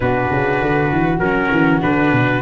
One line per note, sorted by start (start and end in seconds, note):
0.00 0.30 B2
0.00 1.20 D4
0.00 2.42 F#4
0.00 1.19 B4
0.30 0.60 C#3
0.60 0.91 D3
0.92 1.19 E3
1.19 1.49 F#3
1.19 1.81 C#4
1.19 1.79 A#4
1.51 1.81 E3
1.81 2.11 D3
1.81 2.41 D4
1.81 2.42 B4
2.11 2.42 B2